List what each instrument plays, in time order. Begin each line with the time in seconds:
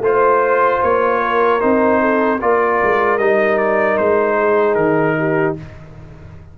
0.00 tuba A3, trombone F4, trumpet C5, horn C5
0.83 tuba A#3, trumpet C#5
1.23 horn A#4
1.61 tuba C4, trombone D#4, trumpet C5
2.01 horn A4
2.41 tuba A#3, trombone F4, horn A#4, trumpet D5
2.84 tuba G#3
3.19 tuba G3, trombone D#4, trumpet D#5
3.58 trumpet D5
3.98 tuba G#3, trumpet C5
4.38 horn G#4
4.75 tuba D#3, trumpet A#4
5.19 horn G4